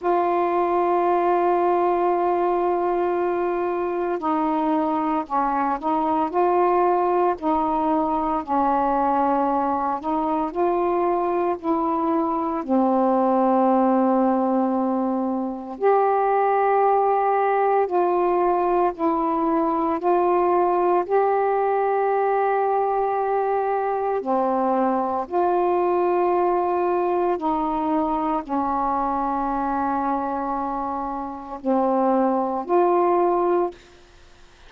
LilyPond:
\new Staff \with { instrumentName = "saxophone" } { \time 4/4 \tempo 4 = 57 f'1 | dis'4 cis'8 dis'8 f'4 dis'4 | cis'4. dis'8 f'4 e'4 | c'2. g'4~ |
g'4 f'4 e'4 f'4 | g'2. c'4 | f'2 dis'4 cis'4~ | cis'2 c'4 f'4 | }